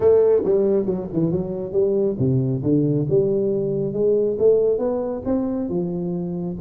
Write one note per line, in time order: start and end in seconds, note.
0.00 0.42 A3
0.44 0.85 G3
0.85 1.07 F#3
1.12 1.31 E3
1.31 1.72 F#3
1.72 2.16 G3
2.18 2.62 C3
2.63 3.06 D3
3.09 3.93 G3
3.93 4.37 G#3
4.38 4.78 A3
4.78 5.22 B3
5.25 5.69 C4
5.69 6.56 F3